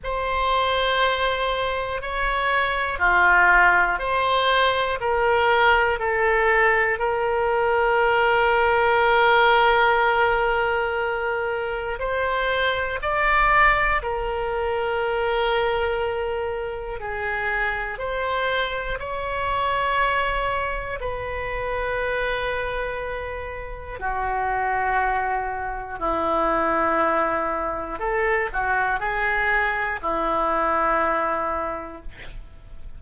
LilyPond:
\new Staff \with { instrumentName = "oboe" } { \time 4/4 \tempo 4 = 60 c''2 cis''4 f'4 | c''4 ais'4 a'4 ais'4~ | ais'1 | c''4 d''4 ais'2~ |
ais'4 gis'4 c''4 cis''4~ | cis''4 b'2. | fis'2 e'2 | a'8 fis'8 gis'4 e'2 | }